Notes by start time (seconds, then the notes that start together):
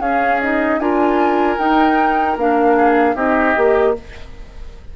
0.00 C#4 G#4 F5
0.42 D#4 D#5
0.79 D4 F4 A#4 G#5
1.58 D#4 G5
2.37 A#3 D4 F5
2.77 G#4
3.16 C4 D#4 G4 D#5
3.55 A#3 G4